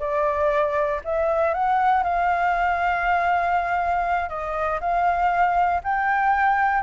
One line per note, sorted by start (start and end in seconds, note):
0.00 1.01 D5
1.05 1.54 E5
1.54 2.04 F#5
2.04 4.29 F5
4.29 4.80 D#5
4.81 5.82 F5
5.84 6.84 G5